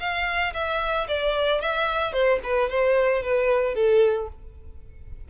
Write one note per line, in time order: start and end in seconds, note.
0.00 0.54 F5
0.54 1.07 E5
1.08 1.61 D5
1.61 2.13 E5
2.13 2.40 C5
2.44 2.70 B4
2.70 3.23 C5
3.23 3.75 B4
3.75 4.29 A4